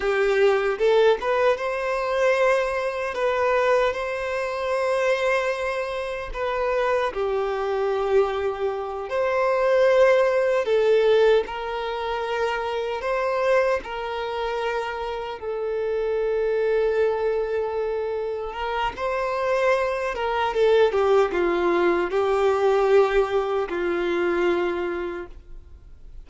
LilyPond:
\new Staff \with { instrumentName = "violin" } { \time 4/4 \tempo 4 = 76 g'4 a'8 b'8 c''2 | b'4 c''2. | b'4 g'2~ g'8 c''8~ | c''4. a'4 ais'4.~ |
ais'8 c''4 ais'2 a'8~ | a'2.~ a'8 ais'8 | c''4. ais'8 a'8 g'8 f'4 | g'2 f'2 | }